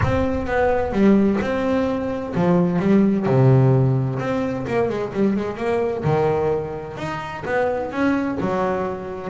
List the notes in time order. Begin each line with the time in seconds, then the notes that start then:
0.03 C4
0.46 B3
0.92 G3
1.41 C4
2.35 F3
2.79 G3
3.26 C3
4.19 C4
4.67 A#3
4.89 G#3
5.13 G3
5.36 G#3
5.57 A#3
6.04 D#3
6.97 D#4
7.45 B3
7.91 C#4
8.40 F#3